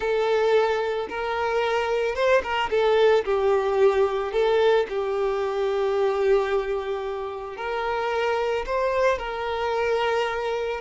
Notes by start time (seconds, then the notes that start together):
0.00 A4
1.09 A#4
2.15 C5
2.42 A#4
2.70 A4
3.25 G4
4.32 A4
4.89 G4
7.57 A#4
8.66 C5
9.18 A#4